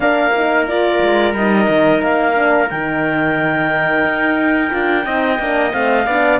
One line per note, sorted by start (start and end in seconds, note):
0.00 0.99 A#3
0.00 0.33 D4
0.00 5.05 A#4
0.00 0.65 F5
0.36 0.67 D#4
0.67 1.34 F4
0.67 1.35 D5
1.01 1.33 G#3
1.33 1.67 G3
1.33 2.35 D#4
1.33 2.02 D#5
1.68 2.02 D#3
2.02 2.70 A#3
2.02 2.69 F5
2.35 2.69 D4
2.69 4.04 D#3
2.69 4.70 D#4
2.69 5.72 G5
4.04 4.71 D#4
4.70 5.05 D4
4.70 5.04 F4
5.04 5.39 C4
5.04 5.38 D#4
5.04 6.06 D#5
5.39 5.73 A#3
5.39 5.71 D4
5.71 6.06 A3
5.71 6.05 C4
5.71 6.39 F5
6.06 6.40 B3
6.06 6.40 D4
6.06 6.39 D5